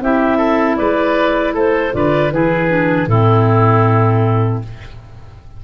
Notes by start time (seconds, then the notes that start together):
0.00 C4 E4 G4 E5
0.37 A4
0.76 G#3 B4 D5
1.53 A3 A4 C5
1.92 D3 F4 B4 D5
2.31 E3 E4 G#4 B4
2.68 D4
3.07 A2 C4 E4 A4